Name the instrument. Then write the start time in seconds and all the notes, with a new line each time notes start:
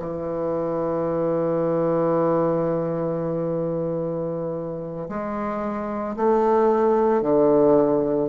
bassoon
0.00 E3
5.09 G#3
6.17 A3
7.22 D3